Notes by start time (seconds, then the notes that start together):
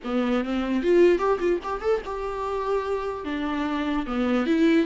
0.04 B3
0.44 C4
0.83 F4
1.18 G4
1.39 F4
1.63 G4
1.81 A4
2.05 G4
3.25 D4
4.06 B3
4.46 E4